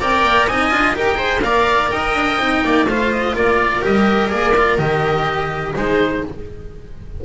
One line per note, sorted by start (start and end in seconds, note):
0.00 0.24 C4
0.00 0.49 A#4
0.00 0.47 D5
0.00 0.48 G5
0.24 0.48 A#3
0.47 0.72 C4
0.47 0.71 D#4
0.47 0.95 D#5
0.47 0.96 G#5
0.71 0.96 D4
0.71 0.95 F4
0.96 1.43 D#4
0.96 1.15 G4
0.96 1.18 A#4
0.96 1.42 G5
1.15 1.39 G#4
1.15 1.42 C5
1.42 1.91 A#3
1.42 2.39 A#4
1.42 1.92 D5
1.42 1.90 F5
1.90 2.15 D#4
1.90 2.64 D#5
1.90 2.86 G5
2.15 2.38 D4
2.38 2.62 C4
2.38 2.87 D#4
2.65 2.85 A#3
2.65 2.89 D5
2.85 3.33 A3
2.85 3.82 F4
2.85 3.35 C5
2.85 3.12 F5
3.12 3.36 D#5
3.35 3.83 A#3
3.35 5.75 A#4
3.35 3.84 D5
3.82 4.32 G3
3.82 4.29 G4
3.82 4.30 D#5
4.29 4.78 A#3
4.29 4.53 G#4
4.29 4.78 D5
4.57 4.78 F4
4.78 5.74 D#3
4.78 5.74 G4
4.78 5.74 D#5
5.75 6.24 G#3
5.75 6.24 D#4
5.75 6.24 G#4
5.75 6.25 C5